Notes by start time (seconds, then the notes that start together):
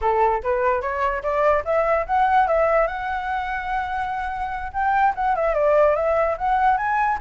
0.01 A4
0.43 B4
0.81 C#5
1.22 D5
1.64 E5
2.06 F#5
2.47 E5
2.87 F#5
4.72 G5
5.15 F#5
5.35 E5
5.54 D5
5.95 E5
6.37 F#5
6.77 G#5